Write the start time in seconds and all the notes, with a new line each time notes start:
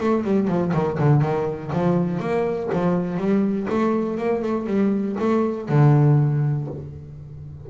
0.00 A3
0.24 G3
0.47 F3
0.73 D#3
0.98 D3
1.21 D#3
1.72 F3
2.20 A#3
2.73 F3
3.17 G3
3.69 A3
4.17 A#3
4.42 A3
4.66 G3
5.20 A3
5.68 D3